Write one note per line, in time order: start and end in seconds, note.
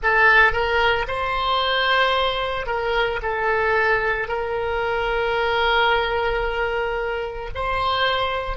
0.02 0.52 A4
0.52 1.06 A#4
1.07 2.66 C5
2.66 3.19 A#4
3.22 4.28 A4
4.28 7.49 A#4
7.54 8.57 C5